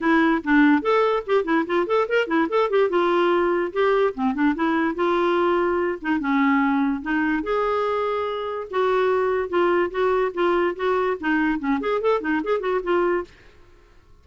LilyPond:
\new Staff \with { instrumentName = "clarinet" } { \time 4/4 \tempo 4 = 145 e'4 d'4 a'4 g'8 e'8 | f'8 a'8 ais'8 e'8 a'8 g'8 f'4~ | f'4 g'4 c'8 d'8 e'4 | f'2~ f'8 dis'8 cis'4~ |
cis'4 dis'4 gis'2~ | gis'4 fis'2 f'4 | fis'4 f'4 fis'4 dis'4 | cis'8 gis'8 a'8 dis'8 gis'8 fis'8 f'4 | }